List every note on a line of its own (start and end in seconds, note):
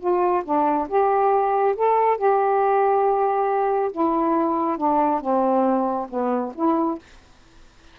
0.00 0.43 F4
0.45 0.88 D4
0.89 1.76 G4
1.76 2.18 A4
2.18 3.92 G4
3.92 4.78 E4
4.78 5.21 D4
5.21 6.08 C4
6.10 6.53 B3
6.56 6.99 E4